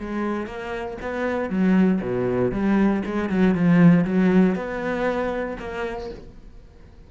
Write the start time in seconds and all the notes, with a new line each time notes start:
0.00 G#3
0.47 A#3
1.02 B3
1.50 F#3
2.02 B2
2.52 G3
3.06 G#3
3.30 F#3
3.55 F3
4.05 F#3
4.56 B3
5.59 A#3